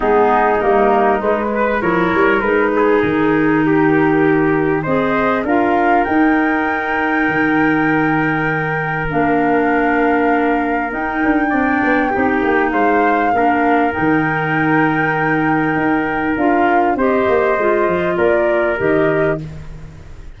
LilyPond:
<<
  \new Staff \with { instrumentName = "flute" } { \time 4/4 \tempo 4 = 99 gis'4 ais'4 b'4 cis''4 | b'4 ais'2. | dis''4 f''4 g''2~ | g''2. f''4~ |
f''2 g''2~ | g''4 f''2 g''4~ | g''2. f''4 | dis''2 d''4 dis''4 | }
  \new Staff \with { instrumentName = "trumpet" } { \time 4/4 dis'2~ dis'8 b'8 ais'4~ | ais'8 gis'4. g'2 | c''4 ais'2.~ | ais'1~ |
ais'2. d''4 | g'4 c''4 ais'2~ | ais'1 | c''2 ais'2 | }
  \new Staff \with { instrumentName = "clarinet" } { \time 4/4 b4 ais4 gis4 e'4 | dis'1 | gis'4 f'4 dis'2~ | dis'2. d'4~ |
d'2 dis'4 d'4 | dis'2 d'4 dis'4~ | dis'2. f'4 | g'4 f'2 g'4 | }
  \new Staff \with { instrumentName = "tuba" } { \time 4/4 gis4 g4 gis4 f8 g8 | gis4 dis2. | c'4 d'4 dis'2 | dis2. ais4~ |
ais2 dis'8 d'8 c'8 b8 | c'8 ais8 gis4 ais4 dis4~ | dis2 dis'4 d'4 | c'8 ais8 gis8 f8 ais4 dis4 | }
>>